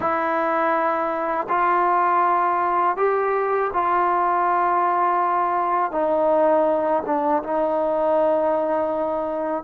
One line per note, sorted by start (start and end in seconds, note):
0.00 1.46 E4
1.48 2.96 F4
2.96 3.70 G4
3.73 5.91 F4
5.91 7.02 D#4
7.05 7.42 D4
7.43 9.63 D#4